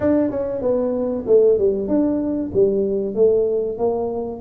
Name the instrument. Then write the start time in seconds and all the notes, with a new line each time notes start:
tuba
0.00 D4
0.30 C#4
0.61 B3
1.26 A3
1.58 G3
1.88 D4
2.53 G3
3.14 A3
3.78 A#3